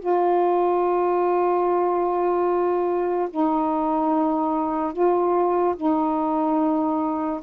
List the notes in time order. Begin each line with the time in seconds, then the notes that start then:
0.00 F4
3.30 D#4
4.93 F4
5.76 D#4